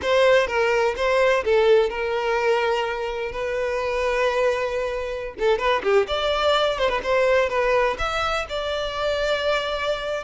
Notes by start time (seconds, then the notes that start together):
0.02 C5
0.47 A#4
0.96 C5
1.44 A4
1.89 A#4
3.31 B4
5.39 A4
5.58 B4
5.83 G4
6.07 D5
6.78 C5
6.89 B4
7.03 C5
7.49 B4
7.98 E5
8.49 D5